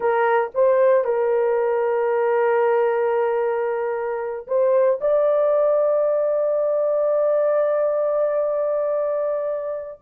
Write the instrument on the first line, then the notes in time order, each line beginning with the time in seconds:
horn
0.00 A#4
0.54 C5
1.04 A#4
4.47 C5
5.00 D5